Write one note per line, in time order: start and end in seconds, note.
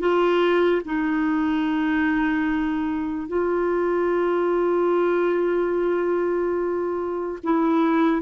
0.00 0.82 F4
0.86 3.28 D#4
3.28 7.39 F4
7.44 8.22 E4